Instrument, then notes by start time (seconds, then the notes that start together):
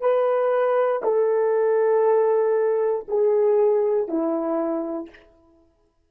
horn
0.00 B4
1.03 A4
3.07 G#4
4.08 E4